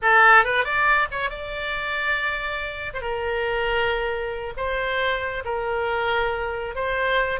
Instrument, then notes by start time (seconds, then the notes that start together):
oboe
0.01 A4
0.44 B4
0.64 D5
1.11 C#5
1.30 D5
2.93 C5
3.01 A#4
4.56 C5
5.44 A#4
6.75 C5